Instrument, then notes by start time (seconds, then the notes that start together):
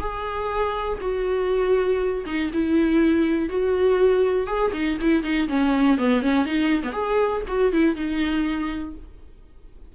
viola
0.00 G#4
1.01 F#4
2.26 D#4
2.53 E4
3.50 F#4
4.47 G#4
4.74 D#4
5.01 E4
5.24 D#4
5.49 C#4
5.98 B3
6.22 C#4
6.46 D#4
6.84 B3
6.93 G#4
7.48 F#4
7.73 E4
7.96 D#4